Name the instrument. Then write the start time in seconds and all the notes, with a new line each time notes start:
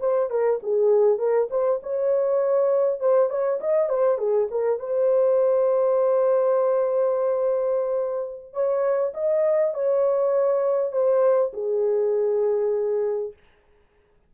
horn
0.00 C5
0.30 A#4
0.63 G#4
1.18 A#4
1.51 C5
1.83 C#5
3.00 C5
3.29 C#5
3.60 D#5
3.89 C5
4.18 G#4
4.51 A#4
4.79 C5
8.53 C#5
9.14 D#5
9.74 C#5
10.92 C5
11.53 G#4